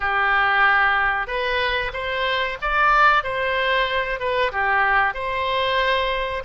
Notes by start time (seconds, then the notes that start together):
0.00 G4
1.27 B4
1.93 C5
2.61 D5
3.23 C5
4.19 B4
4.52 G4
5.14 C5